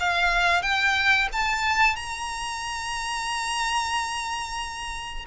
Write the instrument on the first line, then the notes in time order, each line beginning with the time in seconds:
violin
0.00 F5
0.63 G5
1.33 A5
1.96 A#5